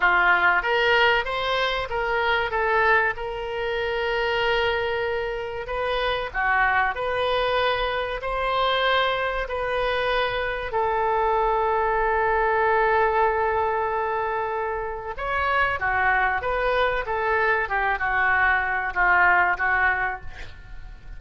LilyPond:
\new Staff \with { instrumentName = "oboe" } { \time 4/4 \tempo 4 = 95 f'4 ais'4 c''4 ais'4 | a'4 ais'2.~ | ais'4 b'4 fis'4 b'4~ | b'4 c''2 b'4~ |
b'4 a'2.~ | a'1 | cis''4 fis'4 b'4 a'4 | g'8 fis'4. f'4 fis'4 | }